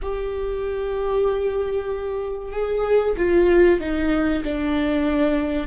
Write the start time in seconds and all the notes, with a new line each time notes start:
0.02 G4
2.52 G#4
3.17 F4
3.80 D#4
4.44 D4